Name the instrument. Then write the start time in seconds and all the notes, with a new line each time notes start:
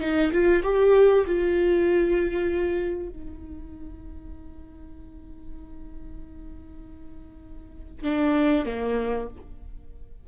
viola
0.00 D#4
0.33 F4
0.63 G4
1.26 F4
3.09 D#4
8.04 D4
8.65 A#3